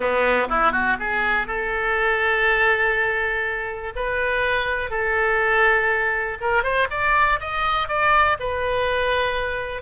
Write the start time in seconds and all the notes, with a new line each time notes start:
0.00 B3
0.49 E4
0.72 F#4
0.99 G#4
1.47 A4
3.95 B4
4.90 A4
6.40 A#4
6.63 C5
6.90 D5
7.39 D#5
7.88 D5
8.39 B4